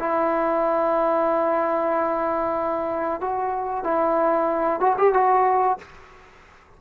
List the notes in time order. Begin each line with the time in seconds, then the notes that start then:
0.00 E4
3.21 F#4
3.84 E4
4.80 F#4
4.98 G4
5.14 F#4